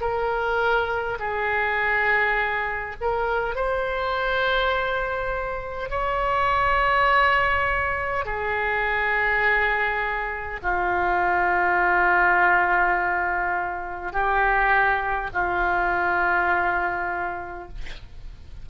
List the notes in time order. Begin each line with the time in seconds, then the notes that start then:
0.00 A#4
1.19 G#4
3.01 A#4
3.55 C5
5.90 C#5
8.25 G#4
10.62 F4
14.12 G4
15.33 F4